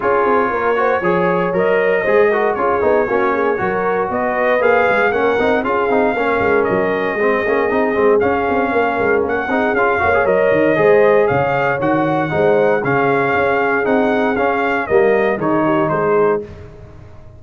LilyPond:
<<
  \new Staff \with { instrumentName = "trumpet" } { \time 4/4 \tempo 4 = 117 cis''2. dis''4~ | dis''4 cis''2. | dis''4 f''4 fis''4 f''4~ | f''4 dis''2. |
f''2 fis''4 f''4 | dis''2 f''4 fis''4~ | fis''4 f''2 fis''4 | f''4 dis''4 cis''4 c''4 | }
  \new Staff \with { instrumentName = "horn" } { \time 4/4 gis'4 ais'8 c''8 cis''2 | c''8 ais'8 gis'4 fis'8 gis'8 ais'4 | b'2 ais'4 gis'4 | ais'2 gis'2~ |
gis'4 ais'4. gis'4 cis''8~ | cis''4 c''4 cis''2 | c''4 gis'2.~ | gis'4 ais'4 gis'8 g'8 gis'4 | }
  \new Staff \with { instrumentName = "trombone" } { \time 4/4 f'4. fis'8 gis'4 ais'4 | gis'8 fis'8 f'8 dis'8 cis'4 fis'4~ | fis'4 gis'4 cis'8 dis'8 f'8 dis'8 | cis'2 c'8 cis'8 dis'8 c'8 |
cis'2~ cis'8 dis'8 f'8 fis'16 gis'16 | ais'4 gis'2 fis'4 | dis'4 cis'2 dis'4 | cis'4 ais4 dis'2 | }
  \new Staff \with { instrumentName = "tuba" } { \time 4/4 cis'8 c'8 ais4 f4 fis4 | gis4 cis'8 b8 ais4 fis4 | b4 ais8 gis8 ais8 c'8 cis'8 c'8 | ais8 gis8 fis4 gis8 ais8 c'8 gis8 |
cis'8 c'8 ais8 gis8 ais8 c'8 cis'8 ais8 | fis8 dis8 gis4 cis4 dis4 | gis4 cis4 cis'4 c'4 | cis'4 g4 dis4 gis4 | }
>>